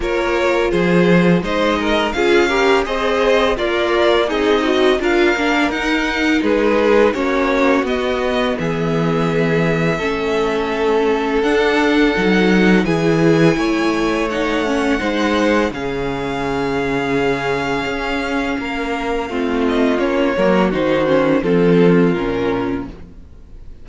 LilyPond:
<<
  \new Staff \with { instrumentName = "violin" } { \time 4/4 \tempo 4 = 84 cis''4 c''4 dis''4 f''4 | dis''4 d''4 dis''4 f''4 | fis''4 b'4 cis''4 dis''4 | e''1 |
fis''2 gis''2 | fis''2 f''2~ | f''2.~ f''8 dis''8 | cis''4 c''4 a'4 ais'4 | }
  \new Staff \with { instrumentName = "violin" } { \time 4/4 ais'4 gis'4 c''8 ais'8 gis'8 ais'8 | c''4 f'4 dis'4 ais'4~ | ais'4 gis'4 fis'2 | gis'2 a'2~ |
a'2 gis'4 cis''4~ | cis''4 c''4 gis'2~ | gis'2 ais'4 f'4~ | f'8 ais'8 fis'4 f'2 | }
  \new Staff \with { instrumentName = "viola" } { \time 4/4 f'2 dis'4 f'8 g'8 | gis'4 ais'4 gis'8 fis'8 f'8 d'8 | dis'2 cis'4 b4~ | b2 cis'2 |
d'4 dis'4 e'2 | dis'8 cis'8 dis'4 cis'2~ | cis'2. c'4 | cis'8 ais8 dis'8 cis'8 c'4 cis'4 | }
  \new Staff \with { instrumentName = "cello" } { \time 4/4 ais4 f4 gis4 cis'4 | c'4 ais4 c'4 d'8 ais8 | dis'4 gis4 ais4 b4 | e2 a2 |
d'4 fis4 e4 a4~ | a4 gis4 cis2~ | cis4 cis'4 ais4 a4 | ais8 fis8 dis4 f4 ais,4 | }
>>